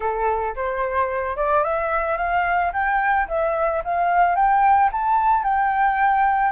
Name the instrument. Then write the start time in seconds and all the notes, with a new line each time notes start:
flute
0.00 A4
0.55 C5
1.36 D5
1.63 E5
2.17 F5
2.72 G5
3.28 E5
3.84 F5
4.35 G5
4.92 A5
5.43 G5